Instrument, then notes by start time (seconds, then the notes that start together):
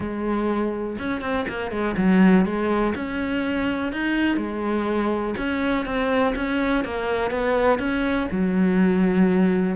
cello
0.00 G#3
0.98 C#4
1.21 C4
1.48 A#3
1.71 G#3
1.97 F#3
2.45 G#3
2.95 C#4
3.92 D#4
4.36 G#3
5.37 C#4
5.85 C4
6.35 C#4
6.84 A#3
7.31 B3
7.78 C#4
8.31 F#3